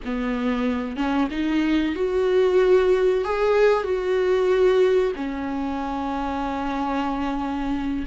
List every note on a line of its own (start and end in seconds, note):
0.05 0.96 B3
0.96 1.28 C#4
1.30 1.95 D#4
1.95 3.24 F#4
3.24 3.83 G#4
3.83 5.12 F#4
5.15 8.05 C#4